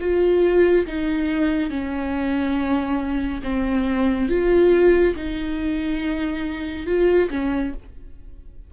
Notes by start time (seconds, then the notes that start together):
0.00 F4
0.86 D#4
1.69 C#4
3.43 C4
4.29 F4
5.15 D#4
6.86 F4
7.30 C#4